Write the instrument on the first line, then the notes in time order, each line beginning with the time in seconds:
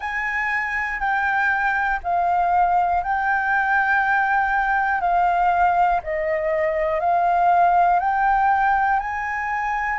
flute
0.00 G#5
0.99 G5
2.03 F5
3.03 G5
5.00 F5
6.03 D#5
7.00 F5
8.00 G5
8.99 G#5